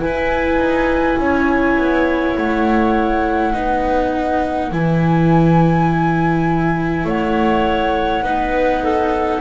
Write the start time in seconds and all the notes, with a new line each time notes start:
0.00 E4 B4 G#5
0.57 D#4
1.18 C#4 C#5
1.78 B3
2.37 A3 F#5
3.53 B3 D#4 B4
4.71 E3 E4 G#5
7.05 A3 C#5 F#5
8.22 B3 D#4 B4
8.84 A4